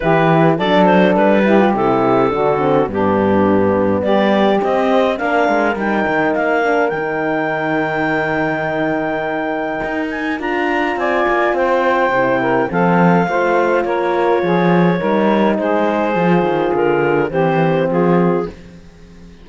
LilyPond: <<
  \new Staff \with { instrumentName = "clarinet" } { \time 4/4 \tempo 4 = 104 b'4 d''8 c''8 b'4 a'4~ | a'4 g'2 d''4 | dis''4 f''4 g''4 f''4 | g''1~ |
g''4. gis''8 ais''4 gis''4 | g''2 f''2 | cis''2. c''4~ | c''4 ais'4 c''4 gis'4 | }
  \new Staff \with { instrumentName = "saxophone" } { \time 4/4 g'4 a'4. g'4. | fis'4 d'2 g'4~ | g'4 ais'2.~ | ais'1~ |
ais'2. d''4 | c''4. ais'8 a'4 c''4 | ais'4 gis'4 ais'4 gis'4~ | gis'2 g'4 f'4 | }
  \new Staff \with { instrumentName = "horn" } { \time 4/4 e'4 d'4. e'16 f'16 e'4 | d'8 c'8 b2. | c'4 d'4 dis'4. d'8 | dis'1~ |
dis'2 f'2~ | f'4 e'4 c'4 f'4~ | f'2 dis'2 | f'2 c'2 | }
  \new Staff \with { instrumentName = "cello" } { \time 4/4 e4 fis4 g4 c4 | d4 g,2 g4 | c'4 ais8 gis8 g8 dis8 ais4 | dis1~ |
dis4 dis'4 d'4 c'8 ais8 | c'4 c4 f4 a4 | ais4 f4 g4 gis4 | f8 dis8 d4 e4 f4 | }
>>